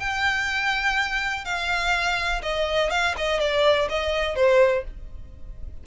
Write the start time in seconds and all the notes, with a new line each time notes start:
0.00 G5
1.45 F5
2.43 D#5
2.91 F5
3.18 D#5
3.40 D5
3.90 D#5
4.36 C5